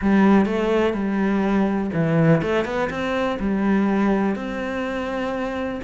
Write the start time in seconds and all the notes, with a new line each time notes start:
0.01 G3
0.45 A3
0.93 G3
1.93 E3
2.41 A3
2.65 B3
2.89 C4
3.39 G3
4.35 C4